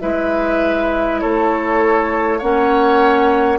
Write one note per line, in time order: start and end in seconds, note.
0.00 1.23 G#3
0.00 2.40 E4
0.00 1.21 B4
0.00 1.20 E5
1.20 2.42 A3
1.20 2.39 A4
1.20 2.39 C#5
2.39 3.58 A#3
2.39 3.58 C#4
2.39 3.58 C#5
2.39 3.58 F#5